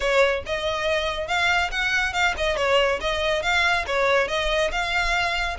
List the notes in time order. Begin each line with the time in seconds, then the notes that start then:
0.00 C#5
0.46 D#5
1.27 F5
1.71 F#5
2.13 F5
2.37 D#5
2.56 C#5
3.01 D#5
3.42 F5
3.86 C#5
4.28 D#5
4.71 F5